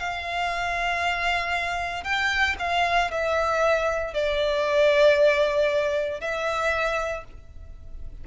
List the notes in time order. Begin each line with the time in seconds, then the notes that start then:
0.00 F5
2.04 G5
2.60 F5
3.11 E5
4.14 D5
6.21 E5